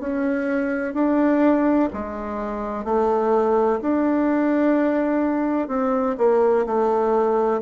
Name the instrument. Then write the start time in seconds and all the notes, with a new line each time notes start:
bassoon
0.00 C#4
0.94 D4
1.93 G#3
2.84 A3
3.81 D4
5.68 C4
6.18 A#3
6.66 A3